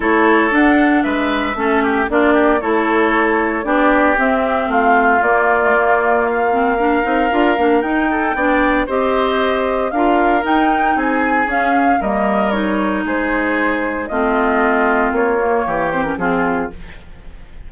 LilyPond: <<
  \new Staff \with { instrumentName = "flute" } { \time 4/4 \tempo 4 = 115 cis''4 fis''4 e''2 | d''4 cis''2 d''4 | e''4 f''4 d''2 | f''2. g''4~ |
g''4 dis''2 f''4 | g''4 gis''4 f''4 dis''4 | cis''4 c''2 dis''4~ | dis''4 cis''4. c''16 ais'16 gis'4 | }
  \new Staff \with { instrumentName = "oboe" } { \time 4/4 a'2 b'4 a'8 g'8 | f'8 g'8 a'2 g'4~ | g'4 f'2.~ | f'4 ais'2~ ais'8 a'8 |
d''4 c''2 ais'4~ | ais'4 gis'2 ais'4~ | ais'4 gis'2 f'4~ | f'2 g'4 f'4 | }
  \new Staff \with { instrumentName = "clarinet" } { \time 4/4 e'4 d'2 cis'4 | d'4 e'2 d'4 | c'2 ais8. a16 ais4~ | ais8 c'8 d'8 dis'8 f'8 d'8 dis'4 |
d'4 g'2 f'4 | dis'2 cis'4 ais4 | dis'2. c'4~ | c'4. ais4 c'16 cis'16 c'4 | }
  \new Staff \with { instrumentName = "bassoon" } { \time 4/4 a4 d'4 gis4 a4 | ais4 a2 b4 | c'4 a4 ais2~ | ais4. c'8 d'8 ais8 dis'4 |
b4 c'2 d'4 | dis'4 c'4 cis'4 g4~ | g4 gis2 a4~ | a4 ais4 e4 f4 | }
>>